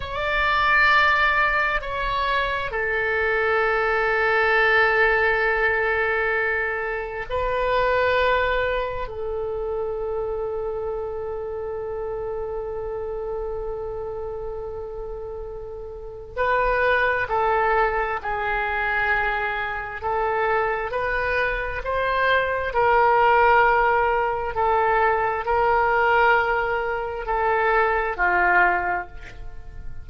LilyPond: \new Staff \with { instrumentName = "oboe" } { \time 4/4 \tempo 4 = 66 d''2 cis''4 a'4~ | a'1 | b'2 a'2~ | a'1~ |
a'2 b'4 a'4 | gis'2 a'4 b'4 | c''4 ais'2 a'4 | ais'2 a'4 f'4 | }